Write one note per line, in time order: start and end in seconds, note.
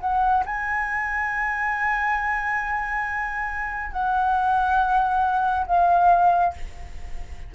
0.00 0.43 F#5
0.45 3.92 G#5
3.92 5.66 F#5
5.66 6.53 F5